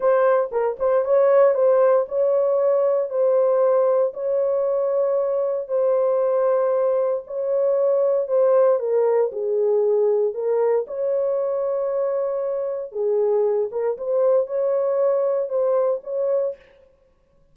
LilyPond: \new Staff \with { instrumentName = "horn" } { \time 4/4 \tempo 4 = 116 c''4 ais'8 c''8 cis''4 c''4 | cis''2 c''2 | cis''2. c''4~ | c''2 cis''2 |
c''4 ais'4 gis'2 | ais'4 cis''2.~ | cis''4 gis'4. ais'8 c''4 | cis''2 c''4 cis''4 | }